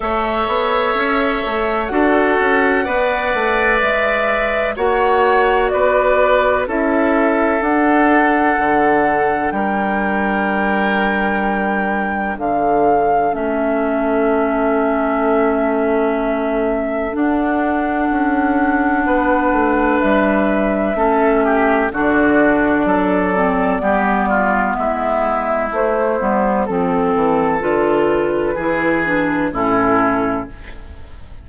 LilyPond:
<<
  \new Staff \with { instrumentName = "flute" } { \time 4/4 \tempo 4 = 63 e''2 fis''2 | e''4 fis''4 d''4 e''4 | fis''2 g''2~ | g''4 f''4 e''2~ |
e''2 fis''2~ | fis''4 e''2 d''4~ | d''2 e''4 c''4 | a'4 b'2 a'4 | }
  \new Staff \with { instrumentName = "oboe" } { \time 4/4 cis''2 a'4 d''4~ | d''4 cis''4 b'4 a'4~ | a'2 ais'2~ | ais'4 a'2.~ |
a'1 | b'2 a'8 g'8 fis'4 | a'4 g'8 f'8 e'2 | a'2 gis'4 e'4 | }
  \new Staff \with { instrumentName = "clarinet" } { \time 4/4 a'2 fis'4 b'4~ | b'4 fis'2 e'4 | d'1~ | d'2 cis'2~ |
cis'2 d'2~ | d'2 cis'4 d'4~ | d'8 c'8 b2 a8 b8 | c'4 f'4 e'8 d'8 cis'4 | }
  \new Staff \with { instrumentName = "bassoon" } { \time 4/4 a8 b8 cis'8 a8 d'8 cis'8 b8 a8 | gis4 ais4 b4 cis'4 | d'4 d4 g2~ | g4 d4 a2~ |
a2 d'4 cis'4 | b8 a8 g4 a4 d4 | fis4 g4 gis4 a8 g8 | f8 e8 d4 e4 a,4 | }
>>